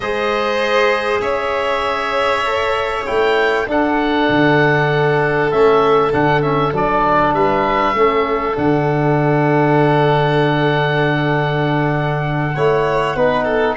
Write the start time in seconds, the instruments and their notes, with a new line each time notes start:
0.00 tuba G#3, trombone G#4, violin C5, oboe D#5
1.20 tuba C#4, violin C#5, oboe E5
2.45 trombone A4
3.06 tuba A3, trombone E4, oboe G5
3.66 tuba D4, trombone D4, violin A4, oboe F#5
4.29 tuba D3
5.51 tuba A3, trombone C#4, oboe E5
6.12 tuba D3, trombone D4, oboe F#5
6.41 trombone C#4, oboe E5
6.72 tuba F#3, trombone D4, oboe D5
7.33 tuba G3, violin B4, oboe E5
7.94 tuba A3, trombone C#4, violin A4
8.54 tuba D3, trombone D4, oboe F#5
12.55 tuba A3, trombone E4, violin C#5
13.15 tuba B3, trombone D#4, violin B4
13.44 violin A4